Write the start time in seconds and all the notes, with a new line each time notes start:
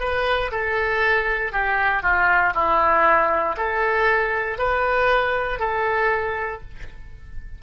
0.00 B4
0.51 A4
1.52 G4
2.02 F4
2.54 E4
3.57 A4
4.58 B4
5.59 A4